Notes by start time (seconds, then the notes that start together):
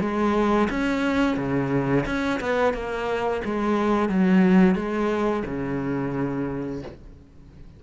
0.00 G#3
0.70 C#4
1.36 C#3
2.05 C#4
2.40 B3
2.73 A#3
3.44 G#3
4.09 F#3
4.75 G#3
5.45 C#3